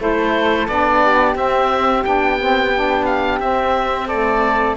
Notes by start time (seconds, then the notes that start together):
0.00 A3 E4 A4 C5
0.68 B3 D4 D5
1.04 G4
1.36 C4 E5
2.05 B3 D4 G5
2.39 C4
2.75 D4
3.06 F5
3.40 C4 E5
4.08 A3 A4 D5